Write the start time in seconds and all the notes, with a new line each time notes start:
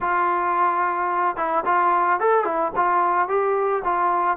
0.00 F4
1.36 E4
1.65 F4
2.20 A4
2.44 E4
2.76 F4
3.28 G4
3.84 F4